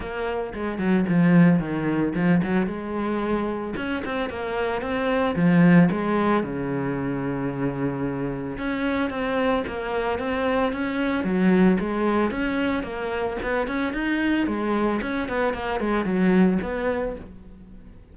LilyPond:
\new Staff \with { instrumentName = "cello" } { \time 4/4 \tempo 4 = 112 ais4 gis8 fis8 f4 dis4 | f8 fis8 gis2 cis'8 c'8 | ais4 c'4 f4 gis4 | cis1 |
cis'4 c'4 ais4 c'4 | cis'4 fis4 gis4 cis'4 | ais4 b8 cis'8 dis'4 gis4 | cis'8 b8 ais8 gis8 fis4 b4 | }